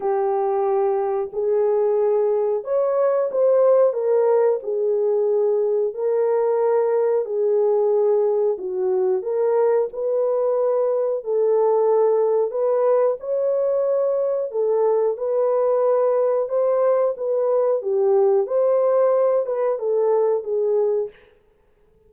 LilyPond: \new Staff \with { instrumentName = "horn" } { \time 4/4 \tempo 4 = 91 g'2 gis'2 | cis''4 c''4 ais'4 gis'4~ | gis'4 ais'2 gis'4~ | gis'4 fis'4 ais'4 b'4~ |
b'4 a'2 b'4 | cis''2 a'4 b'4~ | b'4 c''4 b'4 g'4 | c''4. b'8 a'4 gis'4 | }